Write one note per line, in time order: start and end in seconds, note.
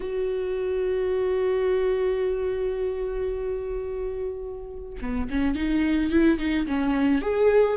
0.00 4.98 F#4
5.01 5.29 B3
5.30 5.55 C#4
5.55 6.10 D#4
6.10 6.38 E4
6.38 6.66 D#4
6.66 7.21 C#4
7.21 7.77 G#4